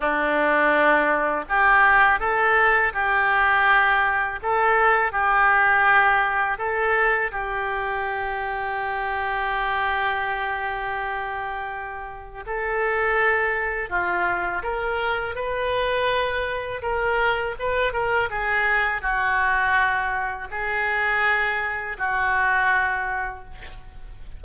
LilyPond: \new Staff \with { instrumentName = "oboe" } { \time 4/4 \tempo 4 = 82 d'2 g'4 a'4 | g'2 a'4 g'4~ | g'4 a'4 g'2~ | g'1~ |
g'4 a'2 f'4 | ais'4 b'2 ais'4 | b'8 ais'8 gis'4 fis'2 | gis'2 fis'2 | }